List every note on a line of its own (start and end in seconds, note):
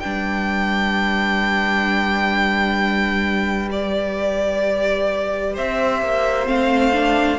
0.00 5.58 G3
0.00 3.70 D4
0.00 5.55 B4
0.00 3.69 G5
3.70 6.46 G4
3.70 5.56 D5
5.55 6.02 C4
5.55 7.39 C5
5.55 6.48 E5
6.02 6.47 A#3
6.46 7.40 A3
6.46 6.92 C4
6.46 7.40 F5
6.93 7.39 D4